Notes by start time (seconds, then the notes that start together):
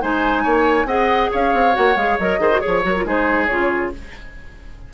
0.00 G#3 D#4 C5 G#5
0.43 A#3 C#5
0.85 C4 G#4 D#5 F#5
1.31 C#4 C#5 F5
1.53 C4
1.72 A#3 F#4 F#5
1.95 G#3 G#4 F5
2.19 F#3 A#4 D#5
2.38 D#3 G#4 C5
2.50 F#4
2.60 G#4 C#5
2.66 F3
2.83 F#3 F#4 A#4
2.96 F4
3.05 G#3 D#4 G#4 C5
3.46 C#3 F4 C#5